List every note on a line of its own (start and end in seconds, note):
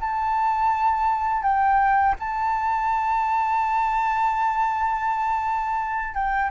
0.00 1.42 A5
1.42 2.15 G5
2.19 6.14 A5
6.14 6.50 G5